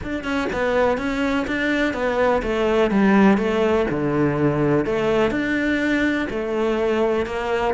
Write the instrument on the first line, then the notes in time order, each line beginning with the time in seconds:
cello
0.03 D4
0.24 C#4
0.52 B3
0.97 C#4
1.47 D4
1.93 B3
2.42 A3
2.91 G3
3.37 A3
3.90 D3
4.85 A3
5.30 D4
6.29 A3
7.26 A#3